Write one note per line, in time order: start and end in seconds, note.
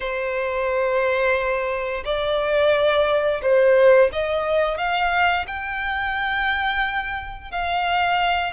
0.00 2.03 C5
2.05 3.41 D5
3.42 4.10 C5
4.12 4.77 D#5
4.77 5.45 F5
5.47 7.51 G5
7.51 8.52 F5